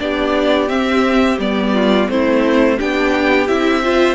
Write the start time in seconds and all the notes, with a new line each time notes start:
0.00 B3 D4 G4 D5
0.69 C4 E5
1.39 G3 B3 D5
1.74 F4
2.09 A3 C4 E4 C5
2.78 B3 D4 G4 G5
3.48 C4 E4 E5
3.84 F4 C5